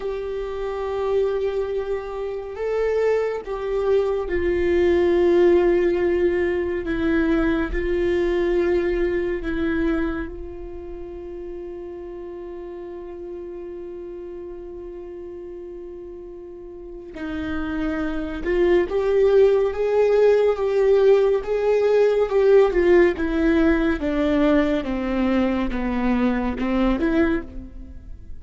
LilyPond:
\new Staff \with { instrumentName = "viola" } { \time 4/4 \tempo 4 = 70 g'2. a'4 | g'4 f'2. | e'4 f'2 e'4 | f'1~ |
f'1 | dis'4. f'8 g'4 gis'4 | g'4 gis'4 g'8 f'8 e'4 | d'4 c'4 b4 c'8 e'8 | }